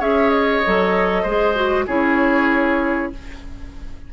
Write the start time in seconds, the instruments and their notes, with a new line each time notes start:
0.00 bassoon C#4, clarinet G#4, oboe C#5, flute E5
0.30 flute D#5
0.66 bassoon F#3, clarinet A4
1.23 bassoon G#3, clarinet G#4, oboe C5
1.56 clarinet F#4
1.87 bassoon C#4, clarinet E4, oboe G#4, flute C#5